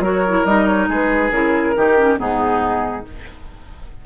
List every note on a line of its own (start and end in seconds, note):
0.00 0.43 F#3
0.00 0.26 F#4
0.00 0.89 A#4
0.06 0.46 C#5
0.28 0.47 E4
0.46 0.89 G3
0.46 1.32 D#4
0.46 0.67 D#5
0.67 0.88 C#5
0.89 1.31 G#3
0.89 1.76 G#4
0.89 1.31 B4
1.31 1.74 C#3
1.31 1.75 E4
1.31 2.18 A#4
1.76 2.19 D#3
1.76 1.97 D#4
1.76 2.20 G4
1.97 2.18 C#4
2.18 3.06 G#2
2.18 3.04 B3
2.18 3.06 D#4
2.18 3.06 G#4